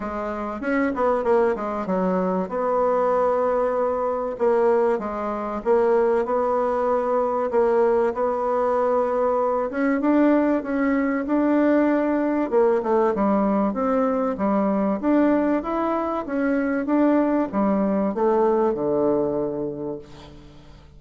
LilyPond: \new Staff \with { instrumentName = "bassoon" } { \time 4/4 \tempo 4 = 96 gis4 cis'8 b8 ais8 gis8 fis4 | b2. ais4 | gis4 ais4 b2 | ais4 b2~ b8 cis'8 |
d'4 cis'4 d'2 | ais8 a8 g4 c'4 g4 | d'4 e'4 cis'4 d'4 | g4 a4 d2 | }